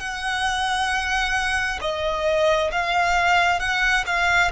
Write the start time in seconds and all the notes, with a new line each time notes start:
0.00 F#5
1.82 D#5
2.72 F5
3.60 F#5
4.07 F5